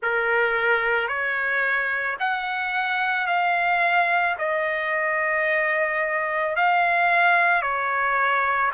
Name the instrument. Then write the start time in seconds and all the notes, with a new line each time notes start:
trumpet
0.02 A#4
1.08 C#5
2.19 F#5
3.27 F5
4.38 D#5
6.56 F5
7.62 C#5